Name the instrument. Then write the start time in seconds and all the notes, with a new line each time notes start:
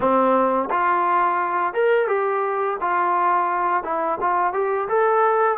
trombone
0.00 C4
0.70 F4
1.73 A#4
2.07 G4
2.80 F4
3.83 E4
4.21 F4
4.53 G4
4.88 A4